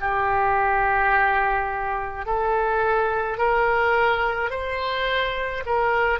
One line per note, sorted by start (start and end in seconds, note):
0.00 2.25 G4
2.25 3.38 A4
3.38 4.50 A#4
4.50 5.63 C5
5.66 6.20 A#4